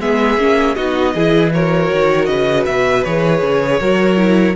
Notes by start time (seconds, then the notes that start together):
0.00 G#3 B3 G#4 E5
0.38 A#3 C#4
0.75 B3 D#4 F#4 D#5
1.15 E3 E4 G#4
1.53 F#4 A#4 C#5
1.93 D#3
2.26 C#3 B4 D#5
2.66 B2 E5
3.04 E3 G#4 C#5
3.43 C#3
3.80 F#3 F#4 A#4
4.17 E4